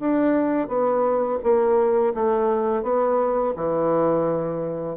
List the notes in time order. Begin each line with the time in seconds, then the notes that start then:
0.00 D4
0.68 B3
1.43 A#3
2.15 A3
2.83 B3
3.56 E3